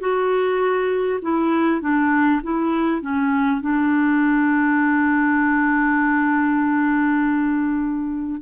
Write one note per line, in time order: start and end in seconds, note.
0.00 1.20 F#4
1.22 1.81 E4
1.81 2.41 D4
2.43 3.02 E4
3.02 3.62 C#4
3.62 8.42 D4